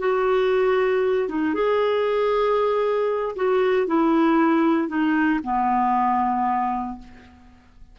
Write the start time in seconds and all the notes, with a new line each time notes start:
0.00 F#4
1.29 D#4
1.55 G#4
3.36 F#4
3.87 E4
4.89 D#4
5.44 B3